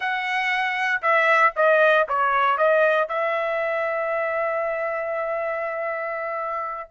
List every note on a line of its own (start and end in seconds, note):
0.00 1.01 F#5
1.02 1.53 E5
1.55 2.07 D#5
2.08 2.57 C#5
2.57 3.08 D#5
3.08 6.90 E5